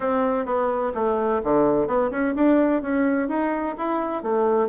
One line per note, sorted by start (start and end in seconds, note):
0.00 0.45 C4
0.45 0.92 B3
0.94 1.41 A3
1.43 1.87 D3
1.87 2.10 B3
2.11 2.34 C#4
2.35 2.82 D4
2.82 3.28 C#4
3.28 3.75 D#4
3.77 4.22 E4
4.22 4.69 A3